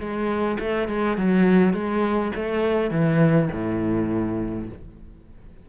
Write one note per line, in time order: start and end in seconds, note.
0.00 0.58 G#3
0.60 0.89 A3
0.89 1.18 G#3
1.18 1.74 F#3
1.74 2.32 G#3
2.36 2.91 A3
2.91 3.49 E3
3.53 4.69 A2